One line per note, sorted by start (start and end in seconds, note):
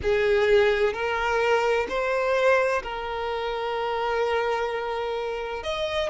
0.02 0.93 G#4
0.93 1.87 A#4
1.88 2.82 C5
2.82 5.63 A#4
5.63 6.09 D#5